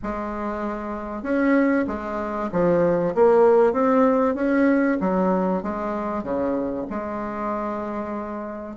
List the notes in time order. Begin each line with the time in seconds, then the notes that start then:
0.02 G#3
1.22 C#4
1.87 G#3
2.52 F3
3.14 A#3
3.72 C4
4.34 C#4
5.00 F#3
5.62 G#3
6.23 C#3
6.89 G#3